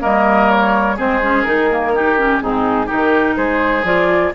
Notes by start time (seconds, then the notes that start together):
0.00 G3 A#3 A#4 D#5
0.50 C#5
0.97 G#3 C4 G#4 C5
1.22 C#4
1.43 D#3 D#4 A#4
1.71 A#3
1.95 D#4 G4
2.19 C#4
2.41 G#2 C4 D#4 G#4
2.86 D#3 D#4 G4 A#4
3.37 G#3 G#4 C5
3.84 F3 F4 D5